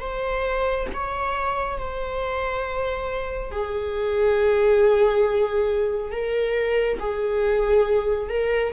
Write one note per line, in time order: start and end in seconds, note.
0.00 0.87 C5
0.94 1.78 C#5
1.78 3.51 C5
3.51 6.11 G#4
6.11 6.98 A#4
7.00 8.29 G#4
8.29 8.73 A#4